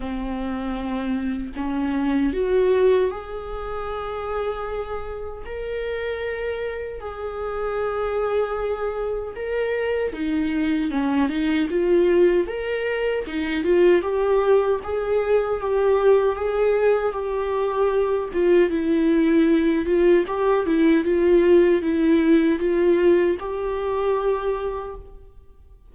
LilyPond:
\new Staff \with { instrumentName = "viola" } { \time 4/4 \tempo 4 = 77 c'2 cis'4 fis'4 | gis'2. ais'4~ | ais'4 gis'2. | ais'4 dis'4 cis'8 dis'8 f'4 |
ais'4 dis'8 f'8 g'4 gis'4 | g'4 gis'4 g'4. f'8 | e'4. f'8 g'8 e'8 f'4 | e'4 f'4 g'2 | }